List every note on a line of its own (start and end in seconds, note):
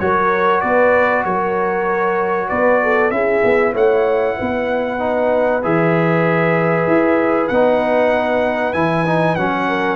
0.00 0.63 F#3
0.00 3.12 F#4
0.00 0.63 A#4
0.00 0.61 C#5
0.61 1.25 B3
0.61 1.26 B4
0.61 1.24 D5
1.25 2.50 F#3
1.25 2.49 A#4
1.25 2.49 C#5
2.49 3.11 B3
2.49 2.81 B4
2.49 3.11 D5
2.83 3.14 A4
3.11 3.42 C#4
3.11 4.99 E4
3.11 3.73 G#4
3.11 3.73 E5
3.44 3.74 B3
3.73 4.37 A3
3.73 4.36 C#5
3.73 5.64 F#5
4.36 5.65 B3
4.36 9.68 B4
4.99 5.62 D#4
5.63 6.87 E3
5.63 7.51 G#4
5.63 7.48 E5
6.87 7.50 E4
7.48 8.74 B3
7.48 8.74 D#4
7.48 8.73 F#5
8.73 9.36 E3
8.73 9.05 E4
8.73 9.36 G#5
9.07 9.38 D#4
9.36 9.96 F#3
9.36 9.96 C#4
9.36 9.96 F#5
9.68 9.96 A#4